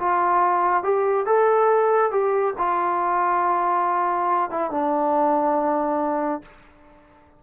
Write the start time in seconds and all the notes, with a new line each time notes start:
0.00 F4
0.83 G4
1.26 A4
2.11 G4
2.58 F4
4.51 E4
4.71 D4